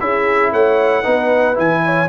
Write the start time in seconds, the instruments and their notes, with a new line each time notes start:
0.00 tuba C#4, trombone E4, horn G#4, trumpet E5
0.52 tuba A3, horn C#5, trumpet F#5
1.02 tuba B3, trombone D#4, horn B4
1.54 tuba E3, trombone E4, trumpet G#5
1.85 horn C#5